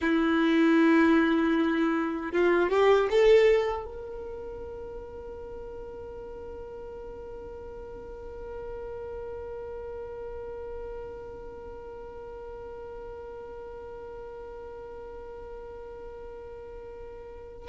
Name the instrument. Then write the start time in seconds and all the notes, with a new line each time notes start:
violin
0.01 E4
2.31 F4
2.69 G4
3.09 A4
3.85 A#4